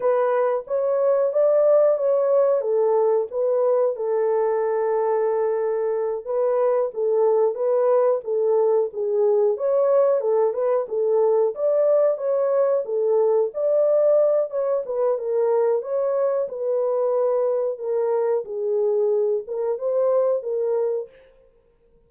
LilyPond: \new Staff \with { instrumentName = "horn" } { \time 4/4 \tempo 4 = 91 b'4 cis''4 d''4 cis''4 | a'4 b'4 a'2~ | a'4. b'4 a'4 b'8~ | b'8 a'4 gis'4 cis''4 a'8 |
b'8 a'4 d''4 cis''4 a'8~ | a'8 d''4. cis''8 b'8 ais'4 | cis''4 b'2 ais'4 | gis'4. ais'8 c''4 ais'4 | }